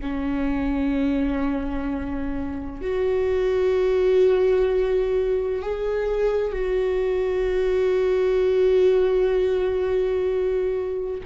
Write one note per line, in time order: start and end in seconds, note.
0.00 2.81 C#4
2.81 5.62 F#4
5.62 6.52 G#4
6.52 11.21 F#4